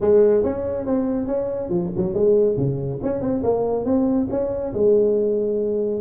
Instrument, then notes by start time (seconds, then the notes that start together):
tuba
0.00 G#3
0.43 C#4
0.86 C4
1.26 C#4
1.69 F3
1.97 F#3
2.14 G#3
2.57 C#3
3.03 C#4
3.21 C4
3.43 A#3
3.85 C4
4.30 C#4
4.73 G#3